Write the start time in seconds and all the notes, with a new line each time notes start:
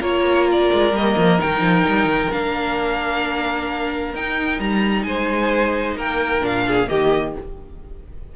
0.00 A#3 F4 A#4 C#5
0.51 D5
0.73 G#3
0.92 G3 A#3 D#5
1.17 F3
1.38 D#3 D#4 G5
1.60 F3
1.87 G3
2.04 D#3
2.30 A#3 D4 F5
4.14 D#4 G5
4.59 G3 A#5
5.03 G#3 C5 G#5
5.96 A#3 A#4 G5
6.41 A#2 D4 F5
6.67 G#4
6.87 D#3 A#3 G4 D#5